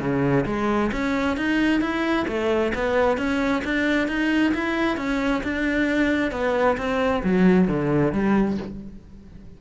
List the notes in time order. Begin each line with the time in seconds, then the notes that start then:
0.00 C#3
0.46 G#3
0.92 C#4
1.37 D#4
1.81 E4
2.28 A3
2.75 B3
3.18 C#4
3.64 D4
4.08 D#4
4.54 E4
4.97 C#4
5.44 D4
6.32 B3
6.78 C4
7.24 F#3
7.68 D3
8.13 G3